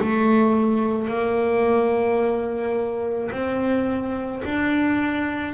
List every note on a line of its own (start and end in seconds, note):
0.00 1.08 A3
1.08 3.30 A#3
3.31 4.42 C4
4.44 5.54 D4